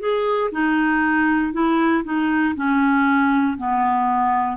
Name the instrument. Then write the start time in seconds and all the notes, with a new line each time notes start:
clarinet
0.00 G#4
0.52 D#4
1.53 E4
2.04 D#4
2.56 C#4
3.58 B3